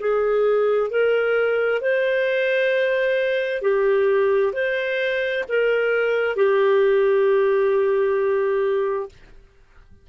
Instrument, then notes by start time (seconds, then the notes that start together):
clarinet
0.00 G#4
0.90 A#4
1.81 C5
3.62 G4
4.53 C5
5.49 A#4
6.36 G4